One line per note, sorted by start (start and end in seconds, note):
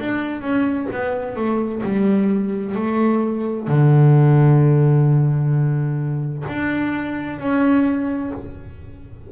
0.00 0.42 D4
0.42 0.88 C#4
0.93 1.36 B3
1.36 1.83 A3
1.84 2.76 G3
2.76 3.68 A3
3.68 6.45 D3
6.49 7.40 D4
7.40 8.32 C#4